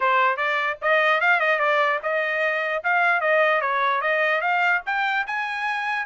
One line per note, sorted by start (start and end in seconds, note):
0.00 0.36 C5
0.36 0.77 D5
0.81 1.20 D#5
1.20 1.39 F5
1.39 1.59 D#5
1.59 1.99 D5
2.02 2.83 D#5
2.83 3.20 F5
3.20 3.61 D#5
3.61 4.01 C#5
4.01 4.41 D#5
4.41 4.81 F5
4.86 5.26 G5
5.27 6.05 G#5